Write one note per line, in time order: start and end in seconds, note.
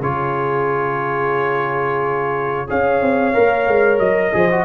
0.00 2.67 C#3
0.00 2.67 F4
0.00 2.67 G#4
0.00 2.69 C#5
2.67 3.01 C#4
2.67 3.33 G#4
2.67 4.34 C#5
2.67 3.99 F5
3.01 3.34 C4
3.34 3.67 A#3
3.34 4.33 A#4
3.67 3.99 G#3
3.99 4.32 F#3
3.99 4.65 D#5
4.33 4.65 F3
4.33 4.50 G#4
4.33 4.65 C5
4.51 4.65 F#4